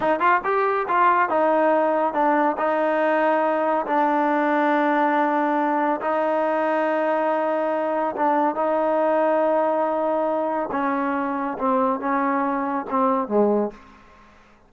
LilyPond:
\new Staff \with { instrumentName = "trombone" } { \time 4/4 \tempo 4 = 140 dis'8 f'8 g'4 f'4 dis'4~ | dis'4 d'4 dis'2~ | dis'4 d'2.~ | d'2 dis'2~ |
dis'2. d'4 | dis'1~ | dis'4 cis'2 c'4 | cis'2 c'4 gis4 | }